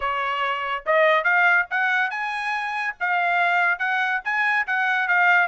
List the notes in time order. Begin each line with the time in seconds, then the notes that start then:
0.00 C#5
0.86 D#5
1.23 F5
1.70 F#5
2.10 G#5
2.99 F5
3.78 F#5
4.24 G#5
4.67 F#5
5.08 F5